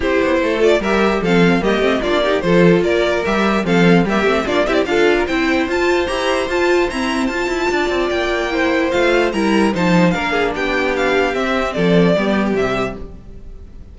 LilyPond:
<<
  \new Staff \with { instrumentName = "violin" } { \time 4/4 \tempo 4 = 148 c''4. d''8 e''4 f''4 | dis''4 d''4 c''4 d''4 | e''4 f''4 e''4 d''8 e''16 d''16 | f''4 g''4 a''4 ais''4 |
a''4 ais''4 a''2 | g''2 f''4 ais''4 | a''4 f''4 g''4 f''4 | e''4 d''2 e''4 | }
  \new Staff \with { instrumentName = "violin" } { \time 4/4 g'4 a'4 ais'4 a'4 | g'4 f'8 g'8 a'4 ais'4~ | ais'4 a'4 g'4 f'8 g'8 | a'8. ais'16 c''2.~ |
c''2. d''4~ | d''4 c''2 ais'4 | c''4 ais'8 gis'8 g'2~ | g'4 a'4 g'2 | }
  \new Staff \with { instrumentName = "viola" } { \time 4/4 e'4. f'8 g'4 c'4 | ais8 c'8 d'8 dis'8 f'2 | g'4 c'4 ais8 c'8 d'8 e'8 | f'4 e'4 f'4 g'4 |
f'4 c'4 f'2~ | f'4 e'4 f'4 e'4 | dis'4 d'2. | c'2 b4 g4 | }
  \new Staff \with { instrumentName = "cello" } { \time 4/4 c'8 b8 a4 g4 f4 | g8 a8 ais4 f4 ais4 | g4 f4 g8 a8 ais8 c'8 | d'4 c'4 f'4 e'4 |
f'4 e'4 f'8 e'8 d'8 c'8 | ais2 a4 g4 | f4 ais4 b2 | c'4 f4 g4 c4 | }
>>